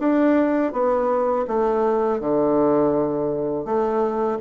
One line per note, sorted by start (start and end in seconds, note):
0.00 0.73 D4
0.73 1.46 B3
1.48 2.21 A3
2.21 3.65 D3
3.65 4.38 A3